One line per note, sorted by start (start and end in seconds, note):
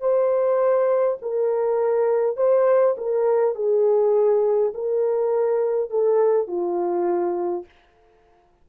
0.00 1.18 C5
1.21 2.36 A#4
2.36 2.95 C5
2.97 3.55 A#4
3.55 4.72 G#4
4.74 5.90 A#4
5.90 6.47 A4
6.47 7.64 F4